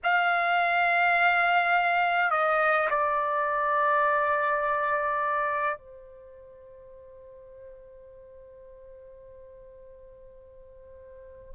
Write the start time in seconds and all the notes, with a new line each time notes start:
0.03 F5
2.30 D#5
2.90 D5
5.77 C5